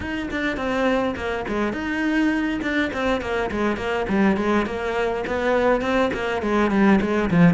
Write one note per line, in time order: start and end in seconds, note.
0.00 0.29 D#4
0.30 0.56 D4
0.56 1.15 C4
1.15 1.45 A#3
1.47 1.72 G#3
1.72 2.60 D#4
2.61 2.90 D4
2.93 3.21 C4
3.21 3.50 A#3
3.51 3.76 G#3
3.76 4.05 A#3
4.08 4.36 G3
4.36 4.65 G#3
4.66 5.24 A#3
5.27 5.81 B3
5.81 6.10 C4
6.13 6.42 A#3
6.42 6.70 G#3
6.70 6.99 G3
7.01 7.30 G#3
7.30 7.54 F3